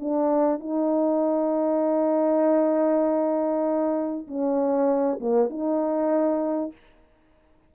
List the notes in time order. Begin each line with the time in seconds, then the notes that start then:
0.00 D4
0.60 D#4
4.28 C#4
5.21 A#3
5.50 D#4